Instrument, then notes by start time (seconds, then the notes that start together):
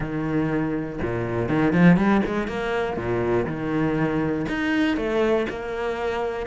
cello
0.00 D#3
1.01 A#2
1.49 D#3
1.72 F3
1.97 G3
2.26 G#3
2.47 A#3
2.97 A#2
3.46 D#3
4.48 D#4
4.96 A3
5.49 A#3